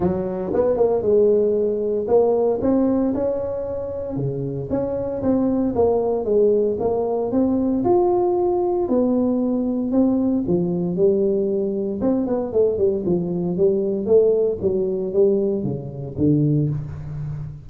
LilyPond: \new Staff \with { instrumentName = "tuba" } { \time 4/4 \tempo 4 = 115 fis4 b8 ais8 gis2 | ais4 c'4 cis'2 | cis4 cis'4 c'4 ais4 | gis4 ais4 c'4 f'4~ |
f'4 b2 c'4 | f4 g2 c'8 b8 | a8 g8 f4 g4 a4 | fis4 g4 cis4 d4 | }